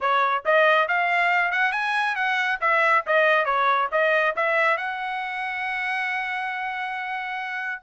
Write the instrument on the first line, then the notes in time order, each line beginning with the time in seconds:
trumpet
0.00 C#5
0.45 D#5
0.88 F5
1.51 F#5
1.72 G#5
2.15 F#5
2.60 E5
3.06 D#5
3.45 C#5
3.91 D#5
4.36 E5
4.77 F#5